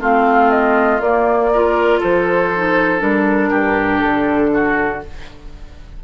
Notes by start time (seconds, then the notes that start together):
0.00 A3 C4 F4 F5
0.51 D#5
1.00 A#3 D5
1.53 F4 A#4
2.00 F3 A4 C5
2.55 D#4
2.99 G3 D4 A#4
3.50 G2 G4
4.00 D3 A4
4.54 F#4